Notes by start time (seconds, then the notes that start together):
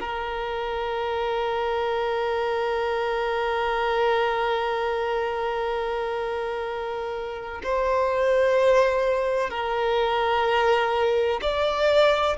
0.00 A#4
7.64 C5
9.50 A#4
11.42 D5